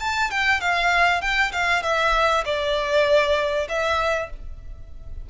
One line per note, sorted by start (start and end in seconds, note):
0.00 0.31 A5
0.31 0.61 G5
0.61 1.21 F5
1.21 1.52 G5
1.52 1.83 F5
1.83 2.44 E5
2.45 3.68 D5
3.69 4.30 E5